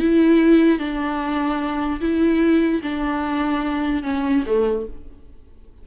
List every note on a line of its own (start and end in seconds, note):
0.00 0.79 E4
0.79 2.00 D4
2.01 2.82 E4
2.83 4.04 D4
4.04 4.44 C#4
4.47 4.87 A3